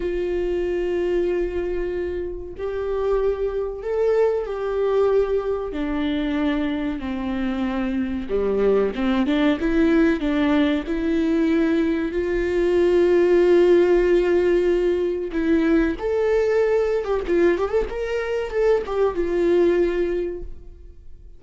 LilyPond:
\new Staff \with { instrumentName = "viola" } { \time 4/4 \tempo 4 = 94 f'1 | g'2 a'4 g'4~ | g'4 d'2 c'4~ | c'4 g4 c'8 d'8 e'4 |
d'4 e'2 f'4~ | f'1 | e'4 a'4.~ a'16 g'16 f'8 g'16 a'16 | ais'4 a'8 g'8 f'2 | }